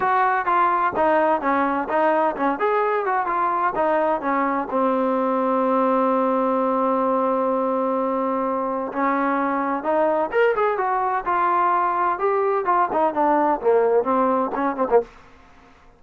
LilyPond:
\new Staff \with { instrumentName = "trombone" } { \time 4/4 \tempo 4 = 128 fis'4 f'4 dis'4 cis'4 | dis'4 cis'8 gis'4 fis'8 f'4 | dis'4 cis'4 c'2~ | c'1~ |
c'2. cis'4~ | cis'4 dis'4 ais'8 gis'8 fis'4 | f'2 g'4 f'8 dis'8 | d'4 ais4 c'4 cis'8 c'16 ais16 | }